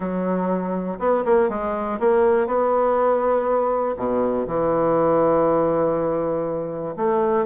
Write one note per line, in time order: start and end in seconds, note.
0.00 0.98 F#3
0.99 1.24 B3
1.25 1.49 A#3
1.49 1.98 G#3
1.99 2.47 A#3
2.47 3.95 B3
3.96 4.46 B2
4.47 6.95 E3
6.96 7.45 A3